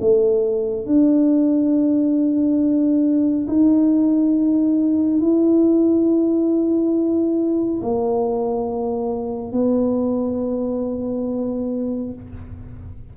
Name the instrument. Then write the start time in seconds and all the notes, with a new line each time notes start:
tuba
0.00 A3
0.86 D4
3.47 D#4
5.20 E4
7.82 A#3
9.52 B3